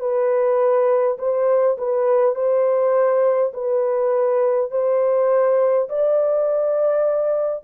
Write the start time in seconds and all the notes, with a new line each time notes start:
0.00 B4
1.18 C5
1.78 B4
2.35 C5
3.53 B4
4.71 C5
5.89 D5